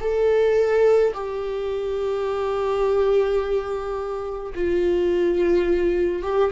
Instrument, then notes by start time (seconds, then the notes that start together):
viola
0.00 A4
1.14 G4
4.54 F4
6.23 G4